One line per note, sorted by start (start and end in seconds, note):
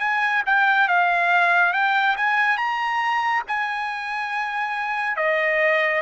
0.00 0.43 G#5
0.46 0.88 G5
0.88 1.73 F5
1.73 2.16 G5
2.17 2.57 G#5
2.57 3.43 A#5
3.48 5.17 G#5
5.17 6.02 D#5